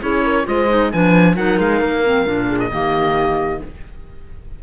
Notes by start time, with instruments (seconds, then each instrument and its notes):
0.00 cello C#4, clarinet E4, horn G#4, oboe C#5
0.23 horn A#4
0.44 cello G#3, clarinet F4, horn C5, oboe D#5
0.68 clarinet D#4
0.92 cello F3, clarinet D4, horn B4, oboe G#5
1.36 cello F#3, clarinet D#4, horn A#4, oboe F#5
1.58 cello G#3, oboe F5
1.80 cello A#3
2.04 clarinet C4
2.25 cello A#2, clarinet D4
2.48 horn G#4
2.59 oboe D#5
2.71 cello D#3, clarinet A#3, horn G4